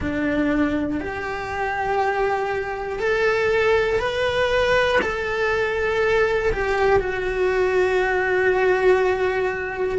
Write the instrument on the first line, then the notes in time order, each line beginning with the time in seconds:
cello
0.00 D4
1.00 G4
2.99 A4
3.99 B4
5.01 A4
6.52 G4
6.99 F#4